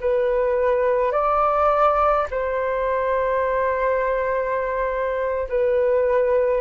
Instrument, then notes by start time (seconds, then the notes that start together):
flute
0.00 B4
1.11 D5
2.30 C5
5.49 B4